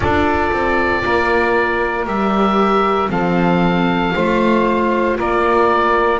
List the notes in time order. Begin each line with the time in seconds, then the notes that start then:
0.00 D4 F4 A4 D5
0.52 C4
1.04 A#3 A#4
2.04 G3 G4 E5
3.08 F3 C4 A4 F5
4.14 A3 F4 C5
5.17 A#3 A#4 D5